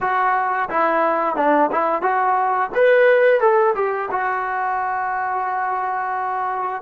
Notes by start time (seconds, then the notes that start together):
0.00 F#4
0.69 E4
1.36 D4
1.71 E4
2.01 F#4
2.75 B4
3.40 A4
3.75 G4
4.11 F#4